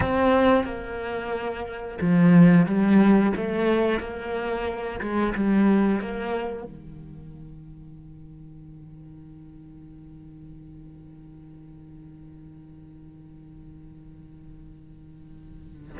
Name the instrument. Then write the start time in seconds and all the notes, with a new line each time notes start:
cello
0.00 C4
0.65 A#3
2.01 F3
2.66 G3
3.36 A3
4.00 A#3
5.00 G#3
5.34 G3
6.01 A#3
6.63 D#3